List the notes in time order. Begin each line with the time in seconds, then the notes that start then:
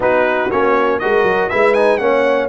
0.00 B3 D#4 F#4 B4
0.50 A#3 C#4 C#5
0.99 G#3 F#4 A#4 D#5
1.23 F#3
1.49 G#3 E4 B4 E5
1.73 D#4 G#5
1.97 A#3 C#4 C#5 F#5